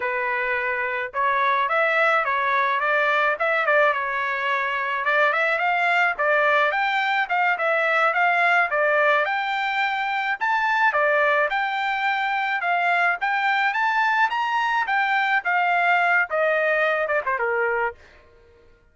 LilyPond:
\new Staff \with { instrumentName = "trumpet" } { \time 4/4 \tempo 4 = 107 b'2 cis''4 e''4 | cis''4 d''4 e''8 d''8 cis''4~ | cis''4 d''8 e''8 f''4 d''4 | g''4 f''8 e''4 f''4 d''8~ |
d''8 g''2 a''4 d''8~ | d''8 g''2 f''4 g''8~ | g''8 a''4 ais''4 g''4 f''8~ | f''4 dis''4. d''16 c''16 ais'4 | }